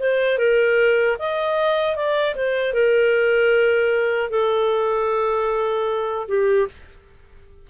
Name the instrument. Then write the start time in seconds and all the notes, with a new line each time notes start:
clarinet
0.00 C5
0.38 A#4
1.19 D#5
1.96 D5
2.36 C5
2.74 A#4
4.31 A4
6.29 G4